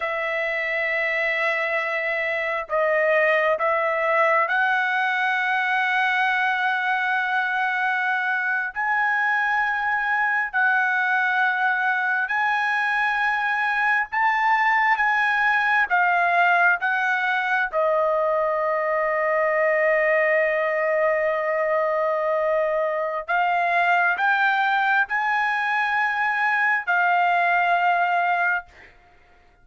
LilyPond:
\new Staff \with { instrumentName = "trumpet" } { \time 4/4 \tempo 4 = 67 e''2. dis''4 | e''4 fis''2.~ | fis''4.~ fis''16 gis''2 fis''16~ | fis''4.~ fis''16 gis''2 a''16~ |
a''8. gis''4 f''4 fis''4 dis''16~ | dis''1~ | dis''2 f''4 g''4 | gis''2 f''2 | }